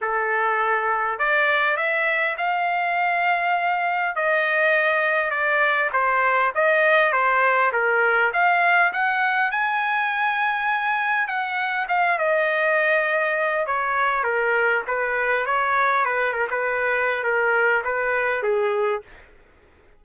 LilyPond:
\new Staff \with { instrumentName = "trumpet" } { \time 4/4 \tempo 4 = 101 a'2 d''4 e''4 | f''2. dis''4~ | dis''4 d''4 c''4 dis''4 | c''4 ais'4 f''4 fis''4 |
gis''2. fis''4 | f''8 dis''2~ dis''8 cis''4 | ais'4 b'4 cis''4 b'8 ais'16 b'16~ | b'4 ais'4 b'4 gis'4 | }